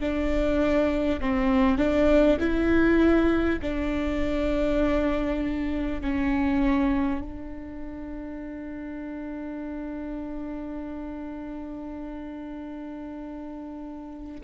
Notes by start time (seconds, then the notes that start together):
0.00 D4
1.21 C4
1.78 D4
2.40 E4
3.62 D4
6.01 C#4
7.21 D4